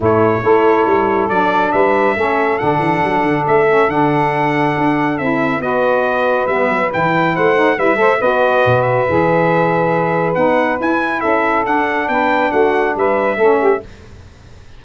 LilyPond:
<<
  \new Staff \with { instrumentName = "trumpet" } { \time 4/4 \tempo 4 = 139 cis''2. d''4 | e''2 fis''2 | e''4 fis''2. | e''4 dis''2 e''4 |
g''4 fis''4 e''4 dis''4~ | dis''8 e''2.~ e''8 | fis''4 gis''4 e''4 fis''4 | g''4 fis''4 e''2 | }
  \new Staff \with { instrumentName = "saxophone" } { \time 4/4 e'4 a'2. | b'4 a'2.~ | a'1~ | a'4 b'2.~ |
b'4 c''4 b'8 c''8 b'4~ | b'1~ | b'2 a'2 | b'4 fis'4 b'4 a'8 g'8 | }
  \new Staff \with { instrumentName = "saxophone" } { \time 4/4 a4 e'2 d'4~ | d'4 cis'4 d'2~ | d'8 cis'8 d'2. | e'4 fis'2 b4 |
e'4. dis'8 e'8 a'8 fis'4~ | fis'4 gis'2. | dis'4 e'2 d'4~ | d'2. cis'4 | }
  \new Staff \with { instrumentName = "tuba" } { \time 4/4 a,4 a4 g4 fis4 | g4 a4 d8 e8 fis8 d8 | a4 d2 d'4 | c'4 b2 g8 fis8 |
e4 a4 g8 a8 b4 | b,4 e2. | b4 e'4 cis'4 d'4 | b4 a4 g4 a4 | }
>>